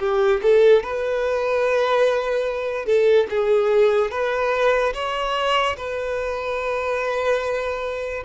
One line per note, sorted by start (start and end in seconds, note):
0.00 0.41 G4
0.43 0.84 A4
0.84 2.86 B4
2.86 3.27 A4
3.31 4.11 G#4
4.11 4.94 B4
4.94 5.76 C#5
5.77 8.24 B4